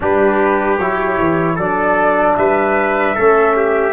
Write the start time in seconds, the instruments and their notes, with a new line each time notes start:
0.00 tuba G3, trombone D4, trumpet G4, flute B4
0.78 tuba F#3, trombone E4, flute C#5
1.18 tuba E3
1.55 tuba F#3, trombone D4, trumpet A4, flute D5
2.36 tuba G3, trumpet B4, flute E5
3.14 tuba A3, trombone C#4, trumpet A4
3.56 trumpet G4